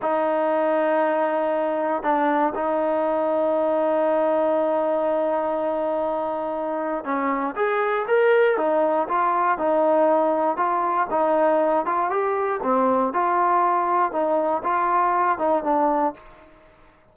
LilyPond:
\new Staff \with { instrumentName = "trombone" } { \time 4/4 \tempo 4 = 119 dis'1 | d'4 dis'2.~ | dis'1~ | dis'2 cis'4 gis'4 |
ais'4 dis'4 f'4 dis'4~ | dis'4 f'4 dis'4. f'8 | g'4 c'4 f'2 | dis'4 f'4. dis'8 d'4 | }